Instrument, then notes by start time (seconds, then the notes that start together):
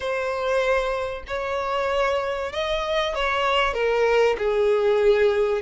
violin
0.00 C5
1.27 C#5
2.52 D#5
3.14 C#5
3.73 A#4
4.38 G#4